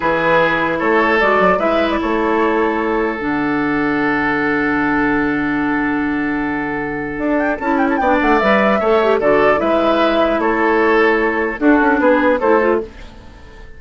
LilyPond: <<
  \new Staff \with { instrumentName = "flute" } { \time 4/4 \tempo 4 = 150 b'2 cis''4 d''4 | e''8. d''16 cis''2. | fis''1~ | fis''1~ |
fis''2~ fis''8 g''8 a''8 g''16 a''16 | g''8 fis''8 e''2 d''4 | e''2 cis''2~ | cis''4 a'4 b'4 c''4 | }
  \new Staff \with { instrumentName = "oboe" } { \time 4/4 gis'2 a'2 | b'4 a'2.~ | a'1~ | a'1~ |
a'1 | d''2 cis''4 a'4 | b'2 a'2~ | a'4 fis'4 gis'4 a'4 | }
  \new Staff \with { instrumentName = "clarinet" } { \time 4/4 e'2. fis'4 | e'1 | d'1~ | d'1~ |
d'2. e'4 | d'4 b'4 a'8 g'8 fis'4 | e'1~ | e'4 d'2 e'8 f'8 | }
  \new Staff \with { instrumentName = "bassoon" } { \time 4/4 e2 a4 gis8 fis8 | gis4 a2. | d1~ | d1~ |
d2 d'4 cis'4 | b8 a8 g4 a4 d4 | gis2 a2~ | a4 d'8 cis'8 b4 a4 | }
>>